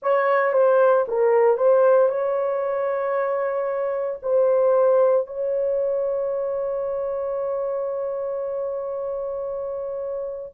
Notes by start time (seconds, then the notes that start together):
0.02 C#5
0.53 C5
1.08 A#4
1.57 C5
2.09 C#5
4.22 C5
5.26 C#5